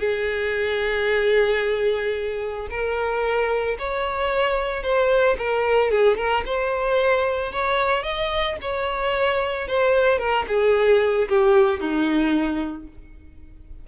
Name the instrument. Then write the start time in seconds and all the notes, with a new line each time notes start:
violin
0.00 G#4
2.71 A#4
3.79 C#5
4.83 C5
5.39 A#4
5.91 G#4
6.17 A#4
6.46 C5
7.52 C#5
8.03 D#5
8.62 C#5
9.68 C5
10.19 A#4
10.48 G#4
11.29 G4
11.80 D#4